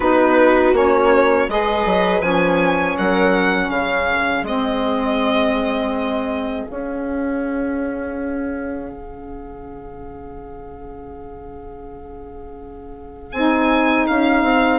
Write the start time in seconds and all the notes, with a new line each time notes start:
0.00 B3 D#4 F#4 B4
0.72 A#3 C#4 C#5
1.48 G#3 G#4 B4 D#5
1.85 F#3
2.20 F3 C#4 G#5
2.97 F#3 A#4 F#5
3.69 C#3 G#4 F5
4.43 G#3 C4 D#5
6.66 C#4 F5
8.91 C#3
13.32 C4 D#4 G#5
14.06 C#4 F5
14.42 C4